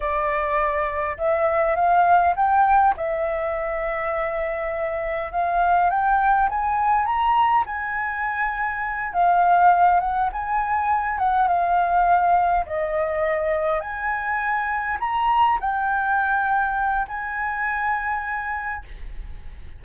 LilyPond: \new Staff \with { instrumentName = "flute" } { \time 4/4 \tempo 4 = 102 d''2 e''4 f''4 | g''4 e''2.~ | e''4 f''4 g''4 gis''4 | ais''4 gis''2~ gis''8 f''8~ |
f''4 fis''8 gis''4. fis''8 f''8~ | f''4. dis''2 gis''8~ | gis''4. ais''4 g''4.~ | g''4 gis''2. | }